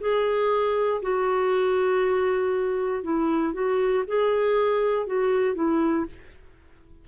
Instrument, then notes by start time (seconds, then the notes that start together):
clarinet
0.00 G#4
1.02 F#4
3.03 E4
3.54 F#4
4.07 G#4
5.07 F#4
5.55 E4